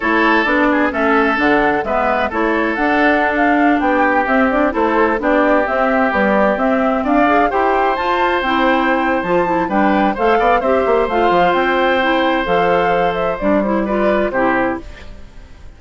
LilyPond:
<<
  \new Staff \with { instrumentName = "flute" } { \time 4/4 \tempo 4 = 130 cis''4 d''4 e''4 fis''4 | e''4 cis''4 fis''4~ fis''16 f''8.~ | f''16 g''4 e''8 d''8 c''4 d''8.~ | d''16 e''4 d''4 e''4 f''8.~ |
f''16 g''4 a''4 g''4.~ g''16 | a''4 g''4 f''4 e''4 | f''4 g''2 f''4~ | f''8 e''8 d''8 c''8 d''4 c''4 | }
  \new Staff \with { instrumentName = "oboe" } { \time 4/4 a'4. gis'8 a'2 | b'4 a'2.~ | a'16 g'2 a'4 g'8.~ | g'2.~ g'16 d''8.~ |
d''16 c''2.~ c''8.~ | c''4 b'4 c''8 d''8 c''4~ | c''1~ | c''2 b'4 g'4 | }
  \new Staff \with { instrumentName = "clarinet" } { \time 4/4 e'4 d'4 cis'4 d'4 | b4 e'4 d'2~ | d'4~ d'16 c'8 d'8 e'4 d'8.~ | d'16 c'4 g4 c'4. gis'16~ |
gis'16 g'4 f'4 e'4.~ e'16 | f'8 e'8 d'4 a'4 g'4 | f'2 e'4 a'4~ | a'4 d'8 e'8 f'4 e'4 | }
  \new Staff \with { instrumentName = "bassoon" } { \time 4/4 a4 b4 a4 d4 | gis4 a4 d'2~ | d'16 b4 c'4 a4 b8.~ | b16 c'4 b4 c'4 d'8.~ |
d'16 e'4 f'4 c'4.~ c'16 | f4 g4 a8 b8 c'8 ais8 | a8 f8 c'2 f4~ | f4 g2 c4 | }
>>